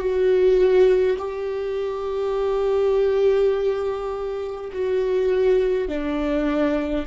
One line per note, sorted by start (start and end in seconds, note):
0.00 1.18 F#4
1.19 4.72 G4
4.72 5.89 F#4
5.89 7.06 D4